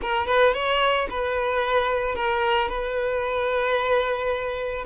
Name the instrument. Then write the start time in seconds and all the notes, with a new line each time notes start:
violin
0.01 A#4
0.26 B4
0.53 C#5
1.10 B4
2.15 A#4
2.68 B4